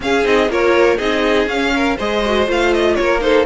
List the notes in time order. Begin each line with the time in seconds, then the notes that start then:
0.00 C#4 G#4 F5
0.23 C4 D#4 D#5
0.48 A#3 F4 A#4 C#5
0.97 C4 D#4 G#4 D#5
1.46 C#4 F5
1.75 A#4
1.96 G#3 G#4 C5 D#5
2.25 F#4
2.46 A3 F4 F5
2.73 D#5
2.95 A#3 A#4 C#5
3.19 D#4 A4 C5